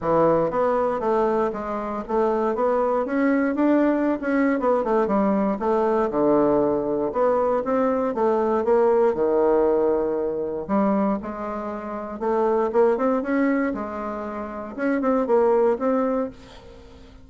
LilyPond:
\new Staff \with { instrumentName = "bassoon" } { \time 4/4 \tempo 4 = 118 e4 b4 a4 gis4 | a4 b4 cis'4 d'4~ | d'16 cis'8. b8 a8 g4 a4 | d2 b4 c'4 |
a4 ais4 dis2~ | dis4 g4 gis2 | a4 ais8 c'8 cis'4 gis4~ | gis4 cis'8 c'8 ais4 c'4 | }